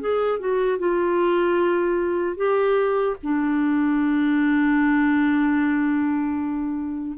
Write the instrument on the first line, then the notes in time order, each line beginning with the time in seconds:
clarinet
0.00 G#4
0.39 F#4
0.79 F4
2.36 G4
3.23 D4